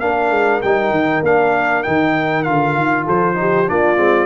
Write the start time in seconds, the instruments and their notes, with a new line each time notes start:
0.00 tuba A#3, trombone D4, horn A#4, trumpet F5
0.30 tuba G#3
0.62 tuba G3, trombone D#4, trumpet G5
0.91 tuba D#3
1.23 tuba A#3, trombone D4, trumpet F5
1.83 tuba D#3, trombone D#4, trumpet G5
2.43 tuba D3, trombone F4, trumpet F5
2.76 tuba D#3
3.05 tuba F3, horn A4, trumpet C5
3.35 trombone D#4, horn G4
3.66 tuba A#3, trombone D4, horn F4, trumpet D5
3.96 tuba G#3, trombone C4